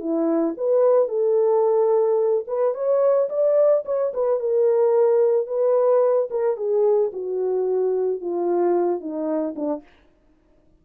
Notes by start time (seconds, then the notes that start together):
0.00 E4
0.57 B4
1.08 A4
2.47 B4
2.74 C#5
3.29 D5
3.85 C#5
4.14 B4
4.40 A#4
5.47 B4
6.30 A#4
6.57 G#4
7.13 F#4
8.21 F4
9.00 D#4
9.56 D4